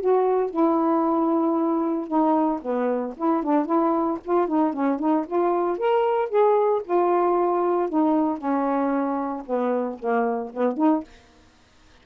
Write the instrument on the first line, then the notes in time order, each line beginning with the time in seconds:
saxophone
0.00 F#4
0.50 E4
2.07 D#4
2.61 B3
3.17 E4
3.43 D4
3.66 E4
4.24 F4
4.47 D#4
4.73 C#4
4.99 D#4
5.27 F4
5.78 A#4
6.29 G#4
6.84 F4
7.89 D#4
8.38 C#4
9.46 B3
9.99 A#3
10.53 B3
10.77 D#4